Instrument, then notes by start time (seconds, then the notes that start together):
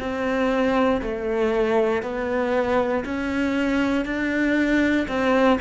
cello
0.00 C4
1.02 A3
2.03 B3
3.06 C#4
4.06 D4
5.08 C4